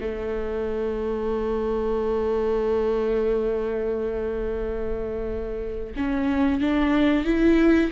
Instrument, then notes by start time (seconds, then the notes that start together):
viola
0.00 A3
5.96 C#4
6.60 D4
7.24 E4